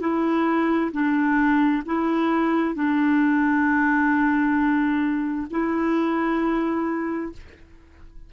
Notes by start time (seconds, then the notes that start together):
0.00 E4
0.92 D4
1.86 E4
2.75 D4
5.50 E4